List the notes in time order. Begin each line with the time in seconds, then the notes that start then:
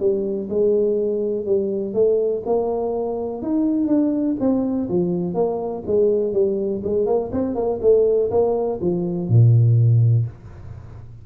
0.00 G3
0.49 G#3
1.46 G3
1.94 A3
2.46 A#3
3.42 D#4
3.87 D4
4.40 C4
4.89 F3
5.34 A#3
5.87 G#3
6.33 G3
6.84 G#3
7.06 A#3
7.32 C4
7.55 A#3
7.82 A3
8.31 A#3
8.81 F3
9.28 A#2